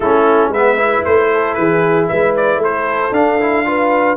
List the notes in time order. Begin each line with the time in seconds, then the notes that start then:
0.00 A3 C#4 E4 A4
0.47 G#3 B4 E5
0.55 B3
0.77 E4
1.05 A3 C5
1.33 A4
1.54 E3 G#4 B4
2.08 G#3 B4 E5
2.36 D5
2.58 A3 A4 C5
3.11 D4 F5
3.39 E4
3.65 F4 B4